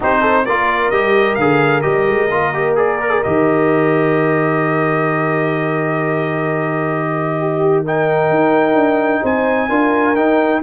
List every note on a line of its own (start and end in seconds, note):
0.00 0.48 C4
0.00 0.46 D#4
0.00 0.19 G4
0.00 0.45 C5
0.20 0.43 A4
0.45 0.91 A#3
0.45 0.92 F4
0.45 7.38 A#4
0.45 0.90 D5
0.90 1.37 G3
0.90 1.38 G4
0.90 1.35 D#5
1.35 1.84 D3
1.35 1.82 G#4
1.35 1.81 F5
1.81 2.07 G3
1.81 2.28 G4
1.81 2.73 D#5
2.07 2.29 G#3
2.29 3.22 A#3
2.29 2.53 F4
2.53 2.75 G4
2.75 2.98 G#4
2.75 3.23 D5
3.00 3.10 A#4
3.10 3.21 G#4
3.23 8.29 D#3
3.23 7.86 G4
3.23 7.85 D#5
7.40 7.84 G4
7.84 9.69 D#4
7.84 9.22 A#4
7.84 9.25 G5
8.29 8.74 D#4
8.74 9.20 D4
9.22 9.69 C4
9.22 9.68 C5
9.22 10.15 G#5
9.68 10.15 D4
9.68 10.15 F4
9.68 10.61 A#4
10.15 10.61 D#4
10.15 10.62 D#4
10.15 10.61 G5